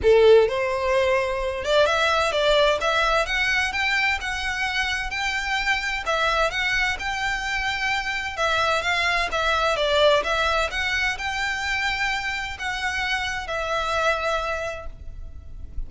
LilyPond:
\new Staff \with { instrumentName = "violin" } { \time 4/4 \tempo 4 = 129 a'4 c''2~ c''8 d''8 | e''4 d''4 e''4 fis''4 | g''4 fis''2 g''4~ | g''4 e''4 fis''4 g''4~ |
g''2 e''4 f''4 | e''4 d''4 e''4 fis''4 | g''2. fis''4~ | fis''4 e''2. | }